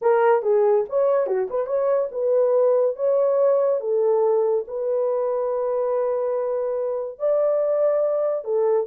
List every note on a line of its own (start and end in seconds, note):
0.01 0.42 A#4
0.42 0.85 G#4
0.89 1.26 C#5
1.26 1.48 F#4
1.49 1.66 B4
1.66 2.08 C#5
2.11 2.95 B4
2.95 3.80 C#5
3.80 4.64 A4
4.67 7.19 B4
7.19 8.44 D5
8.44 8.86 A4